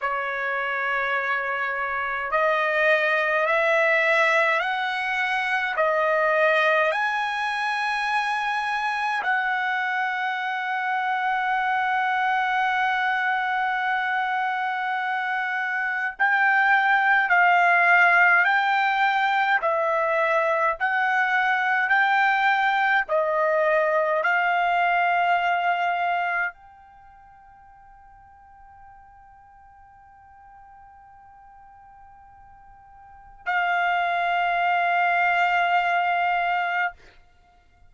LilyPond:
\new Staff \with { instrumentName = "trumpet" } { \time 4/4 \tempo 4 = 52 cis''2 dis''4 e''4 | fis''4 dis''4 gis''2 | fis''1~ | fis''2 g''4 f''4 |
g''4 e''4 fis''4 g''4 | dis''4 f''2 g''4~ | g''1~ | g''4 f''2. | }